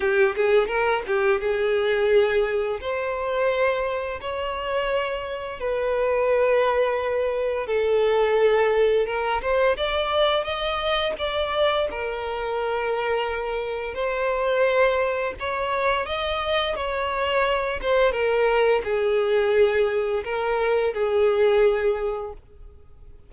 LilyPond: \new Staff \with { instrumentName = "violin" } { \time 4/4 \tempo 4 = 86 g'8 gis'8 ais'8 g'8 gis'2 | c''2 cis''2 | b'2. a'4~ | a'4 ais'8 c''8 d''4 dis''4 |
d''4 ais'2. | c''2 cis''4 dis''4 | cis''4. c''8 ais'4 gis'4~ | gis'4 ais'4 gis'2 | }